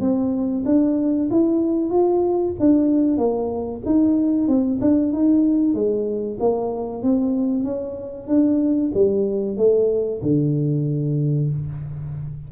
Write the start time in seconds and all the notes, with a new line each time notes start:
0.00 C4
0.65 D4
1.31 E4
1.90 F4
2.59 D4
3.17 A#3
3.86 D#4
4.48 C4
4.81 D4
5.13 D#4
5.74 G#3
6.39 A#3
7.02 C4
7.64 C#4
8.27 D4
8.94 G3
9.57 A3
10.22 D3